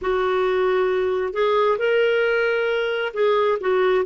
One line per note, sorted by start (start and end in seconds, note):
0.01 1.33 F#4
1.33 1.77 G#4
1.78 3.12 A#4
3.13 3.58 G#4
3.60 4.05 F#4